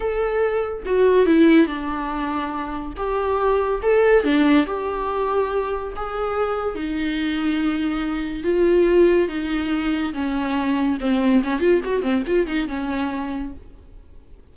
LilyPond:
\new Staff \with { instrumentName = "viola" } { \time 4/4 \tempo 4 = 142 a'2 fis'4 e'4 | d'2. g'4~ | g'4 a'4 d'4 g'4~ | g'2 gis'2 |
dis'1 | f'2 dis'2 | cis'2 c'4 cis'8 f'8 | fis'8 c'8 f'8 dis'8 cis'2 | }